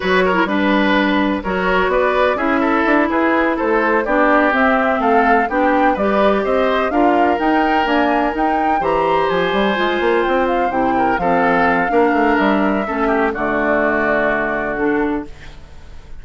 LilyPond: <<
  \new Staff \with { instrumentName = "flute" } { \time 4/4 \tempo 4 = 126 cis''4 b'2 cis''4 | d''4 e''4. b'4 c''8~ | c''8 d''4 e''4 f''4 g''8~ | g''8 d''4 dis''4 f''4 g''8~ |
g''8 gis''4 g''4 ais''4 gis''8~ | gis''4. g''8 f''8 g''4 f''8~ | f''2 e''2 | d''2. a'4 | }
  \new Staff \with { instrumentName = "oboe" } { \time 4/4 b'8 ais'8 b'2 ais'4 | b'4 gis'8 a'4 gis'4 a'8~ | a'8 g'2 a'4 g'8~ | g'8 b'4 c''4 ais'4.~ |
ais'2~ ais'8 c''4.~ | c''2. ais'8 a'8~ | a'4 ais'2 a'8 g'8 | fis'1 | }
  \new Staff \with { instrumentName = "clarinet" } { \time 4/4 fis'8. e'16 d'2 fis'4~ | fis'4 e'2.~ | e'8 d'4 c'2 d'8~ | d'8 g'2 f'4 dis'8~ |
dis'8 ais4 dis'4 g'4.~ | g'8 f'2 e'4 c'8~ | c'4 d'2 cis'4 | a2. d'4 | }
  \new Staff \with { instrumentName = "bassoon" } { \time 4/4 fis4 g2 fis4 | b4 cis'4 d'8 e'4 a8~ | a8 b4 c'4 a4 b8~ | b8 g4 c'4 d'4 dis'8~ |
dis'8 d'4 dis'4 e4 f8 | g8 gis8 ais8 c'4 c4 f8~ | f4 ais8 a8 g4 a4 | d1 | }
>>